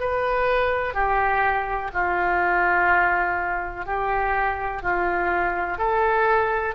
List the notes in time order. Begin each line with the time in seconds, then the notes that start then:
0.00 B4
0.95 G4
1.94 F4
3.86 G4
4.83 F4
5.78 A4